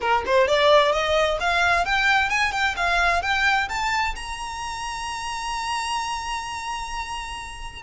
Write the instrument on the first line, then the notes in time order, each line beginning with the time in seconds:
violin
0.00 A#4
0.26 C5
0.47 D5
0.92 D#5
1.40 F5
1.85 G5
2.29 G#5
2.52 G5
2.76 F5
3.22 G5
3.68 A5
4.15 A#5